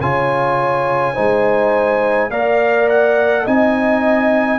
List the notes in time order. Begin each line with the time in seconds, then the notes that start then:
0.00 C#3 F4 C#5 G#5
1.14 G#3 D#4 C5
2.30 A#3 A#4 D5 F5
2.89 F#5
3.44 C4 D#4 D#5 G#5